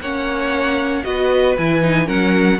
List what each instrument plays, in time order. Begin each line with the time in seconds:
0.00 cello A#3, viola C#4, violin C#5 F#5
1.03 cello B3, viola F#4, violin B4 D#5
1.57 cello E3, viola E4, violin G#5
1.81 viola D#4
2.05 cello F#3, viola C#4, violin A#4 F#5